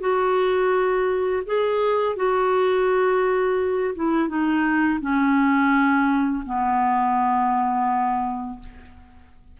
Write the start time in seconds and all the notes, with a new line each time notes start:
0.00 F#4
1.46 G#4
2.16 F#4
3.95 E4
4.28 D#4
5.01 C#4
6.45 B3